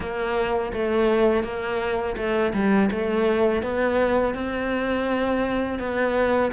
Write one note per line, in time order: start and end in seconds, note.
0.00 0.72 A#3
0.73 1.43 A3
1.43 2.16 A#3
2.16 2.52 A3
2.53 2.89 G3
2.91 3.62 A3
3.62 4.34 B3
4.34 5.79 C4
5.79 6.51 B3